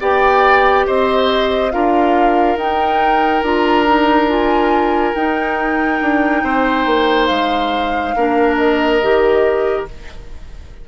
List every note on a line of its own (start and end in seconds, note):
0.00 0.86 B3
0.00 1.71 G4
0.00 0.86 D5
0.00 0.86 G5
0.86 1.74 C4
0.86 1.72 C5
0.86 1.71 D#5
1.71 2.56 D4
1.71 2.57 F4
1.71 6.43 A#4
1.71 2.57 F5
2.56 3.41 D#4
2.56 3.44 D#4
2.56 3.44 G5
3.41 5.13 D4
3.41 3.86 F4
3.41 4.29 A#5
3.86 4.28 D#4
4.28 5.14 F4
4.28 5.14 G#5
5.14 6.01 D#4
5.14 8.15 D#4
5.14 7.27 G5
6.01 6.43 D4
6.43 6.86 C4
6.43 8.15 C5
6.86 7.29 A#3
7.27 8.15 G#3
7.27 8.55 F5
8.16 9.01 A#3
8.16 9.02 D4
8.16 9.87 A#4
8.56 9.85 D#5
9.02 9.88 D#3
9.02 9.87 G4